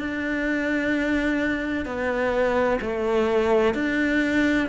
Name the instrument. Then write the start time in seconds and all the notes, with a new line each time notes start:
cello
0.00 D4
1.86 B3
2.82 A3
3.75 D4